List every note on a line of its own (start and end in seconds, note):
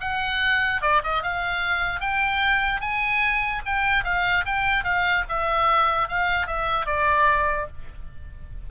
0.00 0.81 F#5
0.81 1.02 D5
1.03 1.22 D#5
1.22 2.00 F5
2.00 2.80 G5
2.80 3.62 G#5
3.65 4.04 G5
4.04 4.44 F5
4.45 4.84 G5
4.84 5.24 F5
5.28 6.08 E5
6.08 6.46 F5
6.46 6.86 E5
6.86 7.67 D5